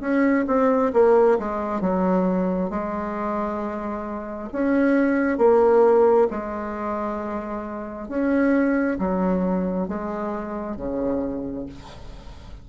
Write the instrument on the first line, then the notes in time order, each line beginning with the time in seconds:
bassoon
0.00 C#4
0.47 C4
0.93 A#3
1.38 G#3
1.80 F#3
2.70 G#3
4.52 C#4
5.38 A#3
6.30 G#3
8.08 C#4
8.98 F#3
9.88 G#3
10.76 C#3